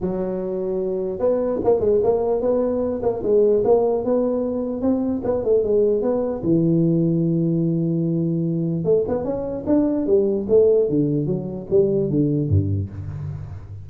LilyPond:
\new Staff \with { instrumentName = "tuba" } { \time 4/4 \tempo 4 = 149 fis2. b4 | ais8 gis8 ais4 b4. ais8 | gis4 ais4 b2 | c'4 b8 a8 gis4 b4 |
e1~ | e2 a8 b8 cis'4 | d'4 g4 a4 d4 | fis4 g4 d4 g,4 | }